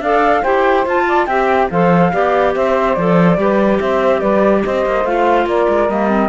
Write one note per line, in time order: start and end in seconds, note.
0.00 0.42 D4
0.00 0.44 A4
0.00 0.42 D5
0.00 0.44 F5
0.42 0.86 E4
0.42 0.86 G4
0.42 1.05 C5
0.42 0.86 G5
0.86 1.27 F4
0.86 1.29 F4
0.86 1.26 A5
1.08 1.27 D5
1.26 1.69 C4
1.26 1.71 G4
1.26 1.69 E5
1.26 1.68 G5
1.70 2.13 F3
1.70 2.13 A4
1.70 2.12 C5
1.70 2.54 F5
2.12 2.55 B3
2.12 2.97 G4
2.12 2.54 D5
2.55 2.97 C4
2.55 3.39 C5
2.55 2.94 E5
2.94 3.37 F3
2.94 3.38 A4
2.94 3.78 D5
3.37 3.79 G3
3.37 5.06 G4
3.37 3.81 B4
3.80 4.22 C4
3.80 4.19 C5
3.80 4.20 E5
4.19 4.64 G3
4.19 4.61 B4
4.19 4.62 D5
4.64 4.85 C4
4.64 5.48 C5
4.64 5.06 D#5
4.85 5.04 A#3
5.04 5.46 A3
5.04 5.90 F4
5.04 5.47 F5
5.46 5.67 A#3
5.46 6.29 A#4
5.46 5.90 D5
5.68 5.89 G#3
5.89 6.29 G3
5.89 6.09 A#3
5.89 6.29 D#5
6.09 6.29 C4